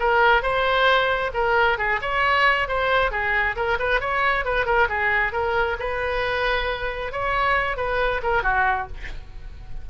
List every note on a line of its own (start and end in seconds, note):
0.00 0.43 A#4
0.43 1.32 C5
1.34 1.78 A#4
1.78 2.01 G#4
2.02 2.69 C#5
2.69 3.12 C5
3.12 3.56 G#4
3.56 3.79 A#4
3.80 4.01 B4
4.01 4.45 C#5
4.45 4.66 B4
4.66 4.88 A#4
4.89 5.33 G#4
5.33 5.77 A#4
5.80 7.13 B4
7.13 7.77 C#5
7.77 8.22 B4
8.23 8.43 A#4
8.43 8.88 F#4